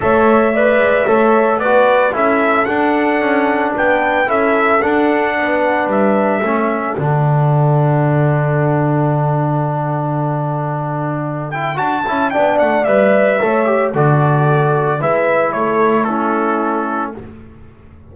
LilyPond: <<
  \new Staff \with { instrumentName = "trumpet" } { \time 4/4 \tempo 4 = 112 e''2. d''4 | e''4 fis''2 g''4 | e''4 fis''2 e''4~ | e''4 fis''2.~ |
fis''1~ | fis''4. g''8 a''4 g''8 fis''8 | e''2 d''2 | e''4 cis''4 a'2 | }
  \new Staff \with { instrumentName = "horn" } { \time 4/4 cis''4 d''4 cis''4 b'4 | a'2. b'4 | a'2 b'2 | a'1~ |
a'1~ | a'2. d''4~ | d''4 cis''4 a'2 | b'4 a'4 e'2 | }
  \new Staff \with { instrumentName = "trombone" } { \time 4/4 a'4 b'4 a'4 fis'4 | e'4 d'2. | e'4 d'2. | cis'4 d'2.~ |
d'1~ | d'4. e'8 fis'8 e'8 d'4 | b'4 a'8 g'8 fis'2 | e'2 cis'2 | }
  \new Staff \with { instrumentName = "double bass" } { \time 4/4 a4. gis8 a4 b4 | cis'4 d'4 cis'4 b4 | cis'4 d'4 b4 g4 | a4 d2.~ |
d1~ | d2 d'8 cis'8 b8 a8 | g4 a4 d2 | gis4 a2. | }
>>